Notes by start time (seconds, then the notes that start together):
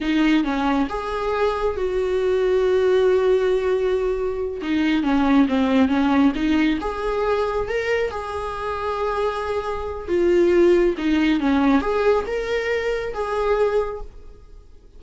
0.01 D#4
0.44 C#4
0.89 G#4
1.76 F#4
4.61 D#4
5.03 C#4
5.48 C4
5.88 C#4
6.35 D#4
6.80 G#4
7.68 A#4
8.11 G#4
10.07 F4
10.97 D#4
11.40 C#4
11.81 G#4
12.26 A#4
13.13 G#4